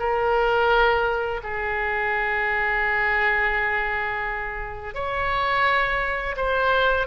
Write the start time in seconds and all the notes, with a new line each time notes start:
0.00 A#4
1.44 G#4
4.95 C#5
6.37 C5